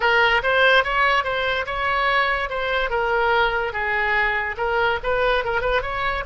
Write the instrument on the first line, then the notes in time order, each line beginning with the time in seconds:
oboe
0.00 A#4
0.42 C5
0.84 C#5
1.23 C5
1.66 C#5
2.49 C5
2.89 A#4
3.72 G#4
4.57 A#4
5.03 B4
5.44 A#4
5.61 B4
5.82 C#5